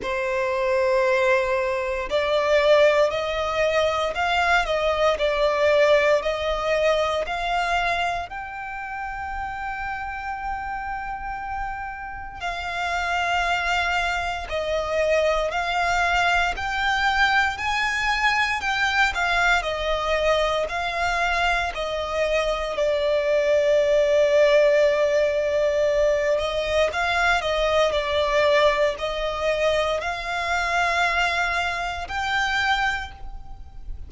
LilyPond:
\new Staff \with { instrumentName = "violin" } { \time 4/4 \tempo 4 = 58 c''2 d''4 dis''4 | f''8 dis''8 d''4 dis''4 f''4 | g''1 | f''2 dis''4 f''4 |
g''4 gis''4 g''8 f''8 dis''4 | f''4 dis''4 d''2~ | d''4. dis''8 f''8 dis''8 d''4 | dis''4 f''2 g''4 | }